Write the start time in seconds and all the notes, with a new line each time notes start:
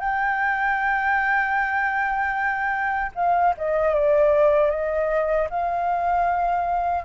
0.00 G5
3.15 F5
3.57 D#5
3.94 D5
4.70 D#5
5.50 F5